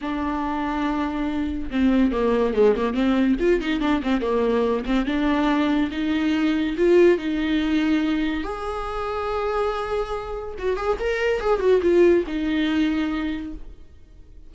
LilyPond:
\new Staff \with { instrumentName = "viola" } { \time 4/4 \tempo 4 = 142 d'1 | c'4 ais4 gis8 ais8 c'4 | f'8 dis'8 d'8 c'8 ais4. c'8 | d'2 dis'2 |
f'4 dis'2. | gis'1~ | gis'4 fis'8 gis'8 ais'4 gis'8 fis'8 | f'4 dis'2. | }